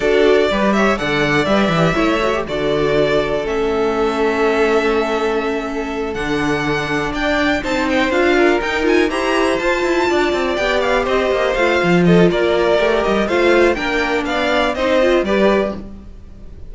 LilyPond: <<
  \new Staff \with { instrumentName = "violin" } { \time 4/4 \tempo 4 = 122 d''4. e''8 fis''4 e''4~ | e''4 d''2 e''4~ | e''1~ | e''8 fis''2 g''4 a''8 |
g''8 f''4 g''8 gis''8 ais''4 a''8~ | a''4. g''8 f''8 dis''4 f''8~ | f''8 dis''8 d''4. dis''8 f''4 | g''4 f''4 dis''4 d''4 | }
  \new Staff \with { instrumentName = "violin" } { \time 4/4 a'4 b'8 cis''8 d''2 | cis''4 a'2.~ | a'1~ | a'2~ a'8 d''4 c''8~ |
c''4 ais'4. c''4.~ | c''8 d''2 c''4.~ | c''8 a'8 ais'2 c''4 | ais'4 d''4 c''4 b'4 | }
  \new Staff \with { instrumentName = "viola" } { \time 4/4 fis'4 g'4 a'4 b'8 g'8 | e'8 fis'16 g'16 fis'2 cis'4~ | cis'1~ | cis'8 d'2. dis'8~ |
dis'8 f'4 dis'8 f'8 g'4 f'8~ | f'4. g'2 f'8~ | f'2 g'4 f'4 | d'2 dis'8 f'8 g'4 | }
  \new Staff \with { instrumentName = "cello" } { \time 4/4 d'4 g4 d4 g8 e8 | a4 d2 a4~ | a1~ | a8 d2 d'4 c'8~ |
c'8 d'4 dis'4 e'4 f'8 | e'8 d'8 c'8 b4 c'8 ais8 a8 | f4 ais4 a8 g8 a4 | ais4 b4 c'4 g4 | }
>>